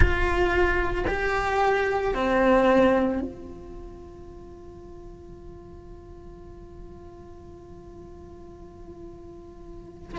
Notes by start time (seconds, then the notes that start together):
0.00 F4
1.07 G4
2.14 C4
3.21 F4